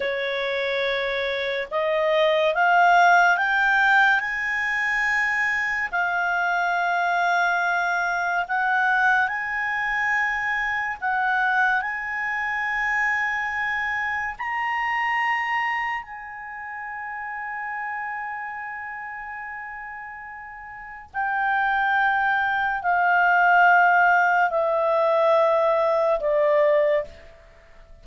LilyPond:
\new Staff \with { instrumentName = "clarinet" } { \time 4/4 \tempo 4 = 71 cis''2 dis''4 f''4 | g''4 gis''2 f''4~ | f''2 fis''4 gis''4~ | gis''4 fis''4 gis''2~ |
gis''4 ais''2 gis''4~ | gis''1~ | gis''4 g''2 f''4~ | f''4 e''2 d''4 | }